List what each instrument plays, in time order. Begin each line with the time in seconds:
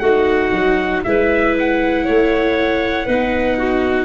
0.00 tuba A3, viola D#4, clarinet F#4, trumpet F#5
0.53 tuba F#3
1.04 tuba G#3, viola E4, clarinet B4, trumpet E5
1.60 trumpet F#5
2.06 tuba A3, clarinet C#5
3.07 tuba B3, viola D#4, clarinet B4
3.58 clarinet F#4